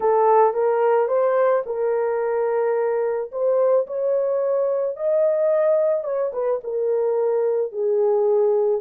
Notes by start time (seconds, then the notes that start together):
0.00 A4
0.53 A#4
1.08 C5
1.65 A#4
3.31 C5
3.86 C#5
4.96 D#5
6.04 C#5
6.33 B4
6.63 A#4
7.72 G#4